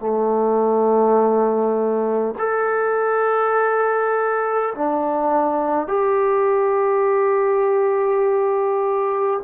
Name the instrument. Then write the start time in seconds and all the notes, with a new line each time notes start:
trombone
0.00 A3
2.39 A4
4.75 D4
5.88 G4